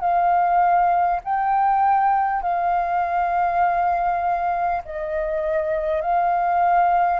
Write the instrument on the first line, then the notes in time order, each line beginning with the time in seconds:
flute
0.00 F5
1.23 G5
2.42 F5
4.84 D#5
6.01 F5